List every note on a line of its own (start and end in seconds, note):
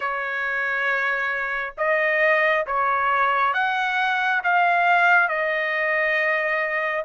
0.00 1.73 C#5
1.77 2.66 D#5
2.66 3.53 C#5
3.53 4.42 F#5
4.44 5.28 F5
5.28 7.04 D#5